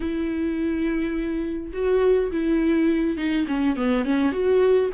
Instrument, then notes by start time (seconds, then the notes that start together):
viola
0.00 E4
1.73 F#4
2.31 E4
3.17 D#4
3.47 C#4
3.76 B3
4.04 C#4
4.32 F#4